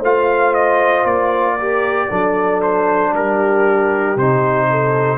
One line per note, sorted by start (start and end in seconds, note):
0.00 1.04 A3
0.00 1.59 F4
0.00 1.55 C5
0.00 0.54 F5
0.54 1.06 D#5
1.05 2.08 A#3
1.05 2.61 D5
1.56 2.10 G4
1.56 2.08 A#4
2.09 3.13 F#3
2.09 4.17 D4
2.09 3.12 A4
2.62 3.14 C5
3.12 4.16 G3
3.12 4.67 G4
3.12 4.18 A#4
4.16 5.18 C3
4.16 5.18 D#4
4.16 5.18 C5
4.70 5.18 A4